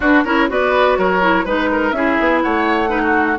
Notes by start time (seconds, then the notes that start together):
0.00 D4 F#4 B4
0.23 C#4 E4 A#4 C#5
0.49 B3 F#4 B4 D5
0.97 F#3 A#4 C#5
1.21 E4
1.44 G#3 D#4 B4
1.71 A#4
1.91 C#4 E4 G#4 E5
2.19 B3
2.41 A3 C#5 F#5
2.87 D#4 B4
3.01 F#4